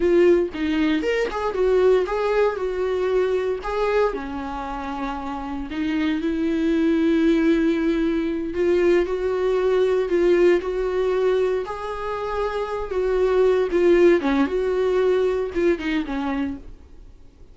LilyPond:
\new Staff \with { instrumentName = "viola" } { \time 4/4 \tempo 4 = 116 f'4 dis'4 ais'8 gis'8 fis'4 | gis'4 fis'2 gis'4 | cis'2. dis'4 | e'1~ |
e'8 f'4 fis'2 f'8~ | f'8 fis'2 gis'4.~ | gis'4 fis'4. f'4 cis'8 | fis'2 f'8 dis'8 cis'4 | }